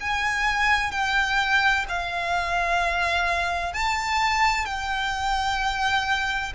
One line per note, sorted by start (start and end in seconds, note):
0.00 0.91 G#5
0.91 1.85 G5
1.88 3.73 F5
3.73 4.65 A5
4.65 6.52 G5